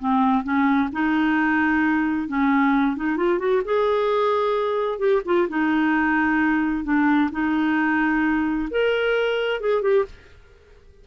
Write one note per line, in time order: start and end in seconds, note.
0.00 0.44 C4
0.44 0.90 C#4
0.93 2.29 D#4
2.29 2.97 C#4
2.97 3.17 D#4
3.17 3.40 F4
3.40 3.62 F#4
3.65 4.99 G#4
4.99 5.22 G4
5.26 5.49 F4
5.50 6.85 D#4
6.85 7.31 D4
7.32 8.69 D#4
8.71 9.61 A#4
9.61 9.82 G#4
9.82 10.05 G4